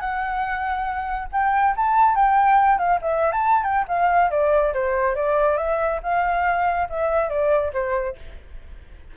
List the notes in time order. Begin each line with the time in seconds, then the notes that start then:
0.00 F#5
1.32 G5
1.76 A5
2.15 G5
2.78 F5
3.02 E5
3.32 A5
3.64 G5
3.88 F5
4.31 D5
4.74 C5
5.15 D5
5.57 E5
6.03 F5
6.89 E5
7.29 D5
7.73 C5